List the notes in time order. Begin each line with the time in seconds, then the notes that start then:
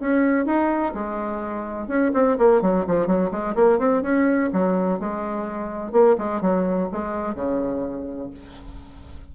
0.00 C#4
0.45 D#4
0.94 G#3
1.88 C#4
2.14 C4
2.38 A#3
2.62 F#3
2.87 F3
3.07 F#3
3.31 G#3
3.55 A#3
3.79 C4
4.02 C#4
4.53 F#3
5.00 G#3
5.92 A#3
6.18 G#3
6.41 F#3
6.92 G#3
7.35 C#3